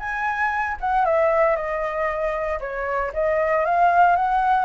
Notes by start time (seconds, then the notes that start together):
0.00 G#5
0.81 F#5
1.05 E5
1.56 D#5
2.60 C#5
3.14 D#5
3.66 F5
4.16 F#5